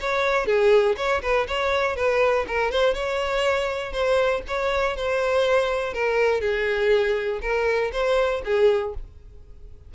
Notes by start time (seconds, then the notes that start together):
0.00 C#5
0.46 G#4
0.96 C#5
1.21 B4
1.47 C#5
1.96 B4
2.47 A#4
2.71 C5
2.93 C#5
3.92 C5
4.47 C#5
4.96 C5
5.93 A#4
6.41 G#4
7.41 A#4
7.92 C5
8.45 G#4